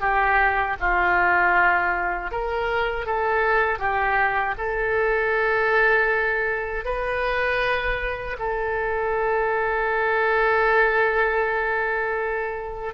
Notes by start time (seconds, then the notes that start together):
0.00 G4
0.80 F4
2.31 A#4
3.06 A4
3.79 G4
4.57 A4
6.85 B4
8.39 A4